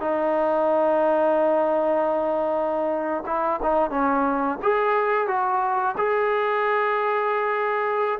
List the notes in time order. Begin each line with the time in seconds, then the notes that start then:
0.00 D#4
3.26 E4
3.63 D#4
3.90 C#4
4.62 G#4
5.27 F#4
5.97 G#4